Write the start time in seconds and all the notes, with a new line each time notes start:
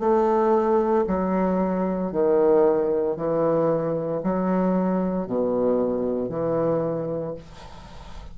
0.00 A3
1.08 F#3
2.12 D#3
3.17 E3
4.23 F#3
5.27 B2
6.30 E3